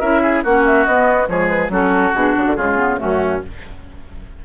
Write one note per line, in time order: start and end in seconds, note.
0.00 0.44 C#4
0.00 0.44 E4
0.00 0.21 A#4
0.00 0.43 E5
0.23 0.44 G#4
0.43 0.86 A#3
0.43 0.87 C#4
0.43 1.29 F#4
0.43 0.65 F#5
0.66 0.85 E5
0.85 1.28 B3
0.85 1.27 B3
0.85 1.28 D#5
1.27 1.69 F3
1.27 1.70 G#3
1.27 1.72 G#4
1.27 1.48 C#5
1.48 1.69 B4
1.69 2.12 F#3
1.69 2.13 C#4
1.69 2.57 F#4
1.69 2.14 A4
2.14 2.36 B2
2.14 2.58 D4
2.14 2.36 G#4
2.36 2.47 C#3
2.36 2.56 F#4
2.47 2.57 D3
2.56 2.99 C#3
2.56 2.76 G#3
2.56 2.99 F4
2.56 2.98 G#4
2.76 2.97 B3
2.97 3.45 F#2
2.97 3.40 A3
2.97 3.43 C#4
2.97 3.42 F#4